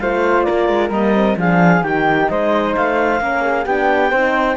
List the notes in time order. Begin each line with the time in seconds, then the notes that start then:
0.00 A3 F4 C5 F5
0.43 A#4 D5
0.50 A#3
0.69 G#3
0.90 G3 A#3 D#5
1.14 C4
1.37 F3 D4 G#4 F5
1.82 D#3 D#4 G4 G5
2.30 G#3 C5 D#5
2.76 A3 F5
3.21 A#3 C#4 A#4
3.42 G#4
3.66 B3 D4 G4 G5
4.11 C4 D#4 C5